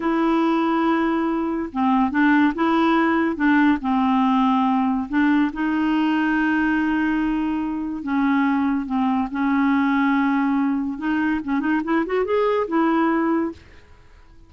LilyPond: \new Staff \with { instrumentName = "clarinet" } { \time 4/4 \tempo 4 = 142 e'1 | c'4 d'4 e'2 | d'4 c'2. | d'4 dis'2.~ |
dis'2. cis'4~ | cis'4 c'4 cis'2~ | cis'2 dis'4 cis'8 dis'8 | e'8 fis'8 gis'4 e'2 | }